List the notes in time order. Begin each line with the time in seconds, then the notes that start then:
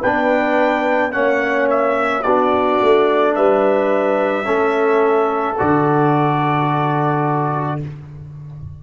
0.00 B3 D4 B4 G5
1.11 A#3 C#4 C#5 F#5
1.70 E5
2.22 B3 D4 F#4 D5
2.82 A3
3.35 G3 B4 E5
4.44 A3 C#4 A4
5.58 D3 F#4 D5